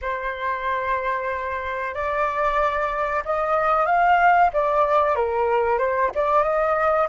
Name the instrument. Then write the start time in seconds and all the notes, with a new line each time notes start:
flute
0.01 C5
1.94 D5
3.24 D#5
3.86 F5
4.53 D5
5.15 A#4
5.78 C5
6.14 D5
6.43 D#5